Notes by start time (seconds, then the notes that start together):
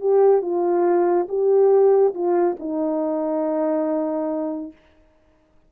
0.00 G4
0.42 F4
1.29 G4
2.14 F4
2.59 D#4